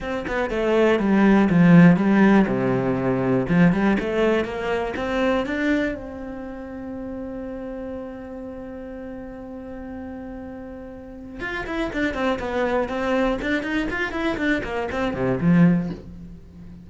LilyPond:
\new Staff \with { instrumentName = "cello" } { \time 4/4 \tempo 4 = 121 c'8 b8 a4 g4 f4 | g4 c2 f8 g8 | a4 ais4 c'4 d'4 | c'1~ |
c'1~ | c'2. f'8 e'8 | d'8 c'8 b4 c'4 d'8 dis'8 | f'8 e'8 d'8 ais8 c'8 c8 f4 | }